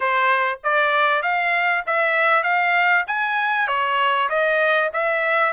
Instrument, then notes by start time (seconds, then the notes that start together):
trumpet
0.00 C5
0.63 D5
1.22 F5
1.86 E5
2.43 F5
3.07 G#5
3.67 C#5
4.29 D#5
4.93 E5